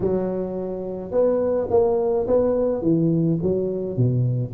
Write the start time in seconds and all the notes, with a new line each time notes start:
0.00 F#3
1.11 B3
1.70 A#3
2.27 B3
2.81 E3
3.42 F#3
3.96 B2